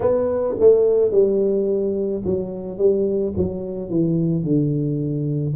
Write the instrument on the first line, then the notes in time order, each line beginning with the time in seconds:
tuba
0.00 B3
0.59 A3
1.11 G3
2.25 F#3
2.78 G3
3.36 F#3
3.89 E3
4.43 D3